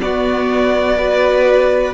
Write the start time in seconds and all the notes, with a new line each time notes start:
0.00 B3 F#4 D5
0.98 F#4 B4